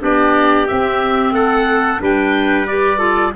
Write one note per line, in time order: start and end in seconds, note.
0.00 0.68 B3
0.00 0.67 D4
0.00 1.34 G4
0.00 0.67 D5
0.67 1.99 C4
0.67 1.31 C4
0.67 1.34 E5
1.31 1.98 A3
1.31 2.01 A4
1.31 2.00 F#5
1.99 3.34 G3
1.99 2.66 D4
1.99 2.98 B4
1.99 2.67 G5
2.67 2.98 G4
2.67 3.33 D5
2.98 3.32 F4
2.98 3.32 A4